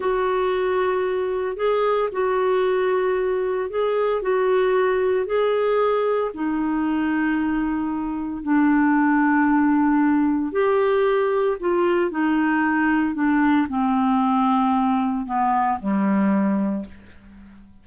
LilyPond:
\new Staff \with { instrumentName = "clarinet" } { \time 4/4 \tempo 4 = 114 fis'2. gis'4 | fis'2. gis'4 | fis'2 gis'2 | dis'1 |
d'1 | g'2 f'4 dis'4~ | dis'4 d'4 c'2~ | c'4 b4 g2 | }